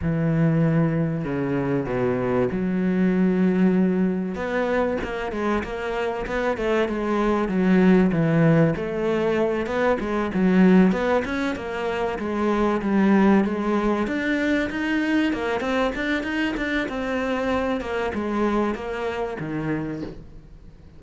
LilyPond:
\new Staff \with { instrumentName = "cello" } { \time 4/4 \tempo 4 = 96 e2 cis4 b,4 | fis2. b4 | ais8 gis8 ais4 b8 a8 gis4 | fis4 e4 a4. b8 |
gis8 fis4 b8 cis'8 ais4 gis8~ | gis8 g4 gis4 d'4 dis'8~ | dis'8 ais8 c'8 d'8 dis'8 d'8 c'4~ | c'8 ais8 gis4 ais4 dis4 | }